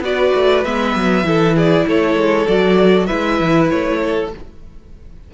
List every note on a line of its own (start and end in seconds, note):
0.00 0.31 B3
0.00 0.64 F#4
0.00 1.27 B4
0.00 0.64 D5
0.34 0.65 A3
0.64 0.96 G#3
0.64 1.24 B3
0.64 1.56 E5
0.96 1.24 F#3
1.24 1.85 E3
1.24 2.46 E4
1.24 1.56 A4
1.56 1.87 G#4
1.56 1.88 D5
1.88 2.15 A3
1.88 3.07 A4
1.88 2.48 C#5
2.15 2.46 G#3
2.48 3.10 F#3
2.48 3.08 F#4
2.48 3.06 D5
3.06 3.40 G#3
3.06 4.31 E4
3.06 3.99 B4
3.06 3.67 E5
3.40 3.71 E3
3.70 4.34 A3
3.70 4.31 C#5
4.03 4.33 A4